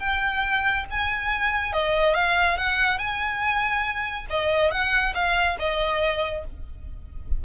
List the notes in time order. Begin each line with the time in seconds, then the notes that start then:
0.00 G5
0.91 G#5
1.73 D#5
2.15 F5
2.58 F#5
2.98 G#5
4.30 D#5
4.71 F#5
5.15 F5
5.59 D#5